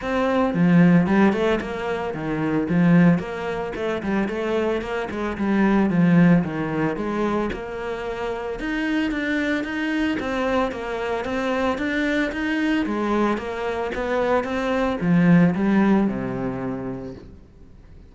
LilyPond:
\new Staff \with { instrumentName = "cello" } { \time 4/4 \tempo 4 = 112 c'4 f4 g8 a8 ais4 | dis4 f4 ais4 a8 g8 | a4 ais8 gis8 g4 f4 | dis4 gis4 ais2 |
dis'4 d'4 dis'4 c'4 | ais4 c'4 d'4 dis'4 | gis4 ais4 b4 c'4 | f4 g4 c2 | }